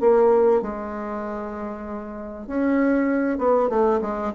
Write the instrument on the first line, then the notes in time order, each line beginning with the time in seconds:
bassoon
0.00 A#3
0.62 G#3
2.47 C#4
3.38 B3
3.69 A3
4.01 G#3